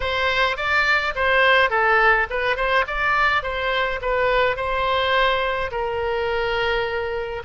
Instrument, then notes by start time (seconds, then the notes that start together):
oboe
0.00 C5
0.56 D5
1.15 C5
1.70 A4
2.30 B4
2.56 C5
2.87 D5
3.42 C5
4.01 B4
4.56 C5
5.71 A#4